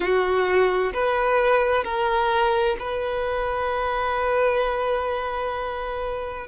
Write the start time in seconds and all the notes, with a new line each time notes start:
0.00 F#4
0.93 B4
1.84 A#4
2.79 B4